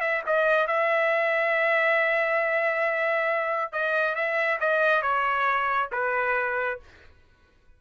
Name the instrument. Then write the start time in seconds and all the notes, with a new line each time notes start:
trumpet
0.00 E5
0.26 D#5
0.67 E5
3.72 D#5
4.15 E5
4.60 D#5
5.02 C#5
5.92 B4